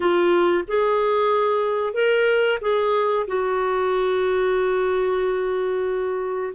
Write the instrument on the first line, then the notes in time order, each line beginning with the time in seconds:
clarinet
0.00 F4
0.67 G#4
1.93 A#4
2.61 G#4
3.27 F#4